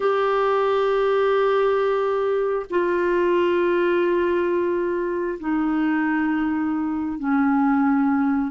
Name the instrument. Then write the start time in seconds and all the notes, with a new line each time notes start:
clarinet
0.00 G4
2.69 F4
5.39 D#4
7.18 C#4